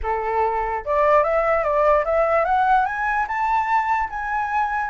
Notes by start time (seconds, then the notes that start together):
0.02 A4
0.85 D5
1.23 E5
1.63 D5
2.04 E5
2.45 F#5
2.85 G#5
3.27 A5
4.09 G#5